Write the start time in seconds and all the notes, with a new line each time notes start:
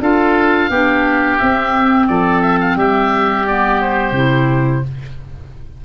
0.00 D4 F4 A4 F5
0.70 B3 D4 G4
1.38 C4 E5
2.07 F3 A4 D5
2.42 E5
2.60 F5
2.76 G3 G4 E5
3.46 B3 D5
3.81 C5
4.11 C3 E4